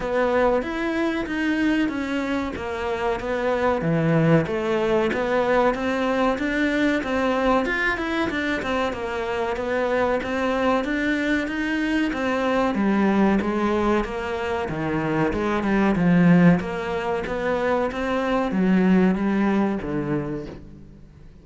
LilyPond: \new Staff \with { instrumentName = "cello" } { \time 4/4 \tempo 4 = 94 b4 e'4 dis'4 cis'4 | ais4 b4 e4 a4 | b4 c'4 d'4 c'4 | f'8 e'8 d'8 c'8 ais4 b4 |
c'4 d'4 dis'4 c'4 | g4 gis4 ais4 dis4 | gis8 g8 f4 ais4 b4 | c'4 fis4 g4 d4 | }